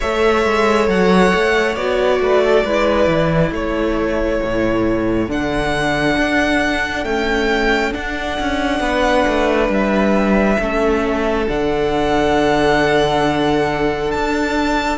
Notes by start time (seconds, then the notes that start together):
0.00 A3 A4 C#5 E5
0.45 G#3
0.88 F#3 F#5
1.34 A3
1.75 B3 F#4 D5
2.20 A3 B4
2.43 A4
2.64 G#3 E4 B4
3.07 E3
3.51 A3 A4 C#5
4.42 A2
5.28 D3 D4 F#5
6.17 D4
7.04 A3 C#4 G5
7.92 D4 F#5
8.40 C#4
8.79 B3 B4
9.27 A3
9.68 G3 E5
10.59 A3 C#4 A4
11.47 D3 D4 F#5
14.11 D4 A5